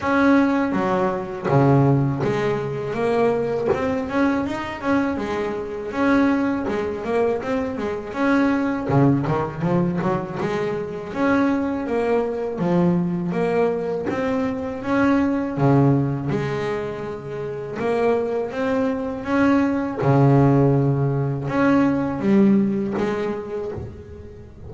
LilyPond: \new Staff \with { instrumentName = "double bass" } { \time 4/4 \tempo 4 = 81 cis'4 fis4 cis4 gis4 | ais4 c'8 cis'8 dis'8 cis'8 gis4 | cis'4 gis8 ais8 c'8 gis8 cis'4 | cis8 dis8 f8 fis8 gis4 cis'4 |
ais4 f4 ais4 c'4 | cis'4 cis4 gis2 | ais4 c'4 cis'4 cis4~ | cis4 cis'4 g4 gis4 | }